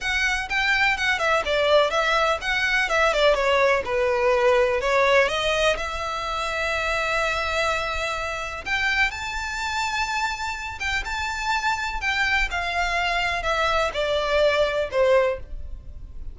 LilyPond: \new Staff \with { instrumentName = "violin" } { \time 4/4 \tempo 4 = 125 fis''4 g''4 fis''8 e''8 d''4 | e''4 fis''4 e''8 d''8 cis''4 | b'2 cis''4 dis''4 | e''1~ |
e''2 g''4 a''4~ | a''2~ a''8 g''8 a''4~ | a''4 g''4 f''2 | e''4 d''2 c''4 | }